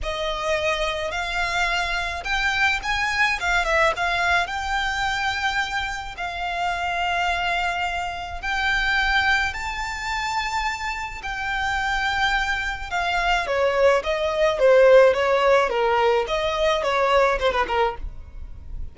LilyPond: \new Staff \with { instrumentName = "violin" } { \time 4/4 \tempo 4 = 107 dis''2 f''2 | g''4 gis''4 f''8 e''8 f''4 | g''2. f''4~ | f''2. g''4~ |
g''4 a''2. | g''2. f''4 | cis''4 dis''4 c''4 cis''4 | ais'4 dis''4 cis''4 c''16 b'16 ais'8 | }